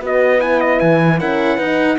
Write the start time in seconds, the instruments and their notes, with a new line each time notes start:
0.00 cello B3, horn F#4 B4
0.06 trumpet D#5
0.39 horn E4, trumpet G#5
0.61 trumpet D#5
0.80 cello E3, trumpet G#5
1.19 horn C#4 A#4, cello E4, trumpet F#5
1.56 cello D#4, horn D#4 B4